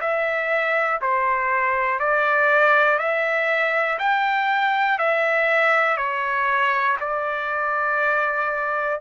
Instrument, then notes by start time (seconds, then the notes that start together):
trumpet
0.00 E5
1.01 C5
1.99 D5
2.98 E5
3.99 G5
4.98 E5
5.97 C#5
7.00 D5